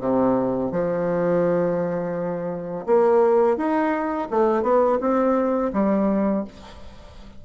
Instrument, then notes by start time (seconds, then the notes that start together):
bassoon
0.00 C3
0.71 F3
2.86 A#3
3.57 D#4
4.30 A3
4.62 B3
5.00 C4
5.73 G3